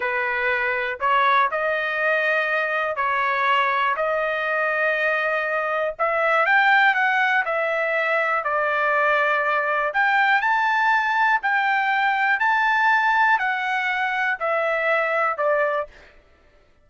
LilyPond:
\new Staff \with { instrumentName = "trumpet" } { \time 4/4 \tempo 4 = 121 b'2 cis''4 dis''4~ | dis''2 cis''2 | dis''1 | e''4 g''4 fis''4 e''4~ |
e''4 d''2. | g''4 a''2 g''4~ | g''4 a''2 fis''4~ | fis''4 e''2 d''4 | }